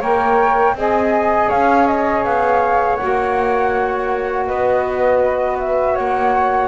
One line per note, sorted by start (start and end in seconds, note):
0.00 0.74 A#3
0.00 0.75 A#4
0.00 0.74 C#5
0.00 0.76 G5
0.74 1.48 C4
0.74 2.99 G#4
0.74 1.49 D#5
0.74 1.50 G#5
1.49 2.24 C#4
1.49 4.45 C#5
1.49 1.87 F5
1.87 2.24 D#5
2.24 2.98 B3
2.24 2.96 F5
2.96 6.68 F#4
2.96 4.44 F#5
3.03 4.50 A#3
4.46 5.98 B3
4.46 5.94 B4
4.46 5.57 D#5
5.59 5.96 E5
5.94 6.68 A#3
5.94 6.68 C#5
5.94 6.68 F#5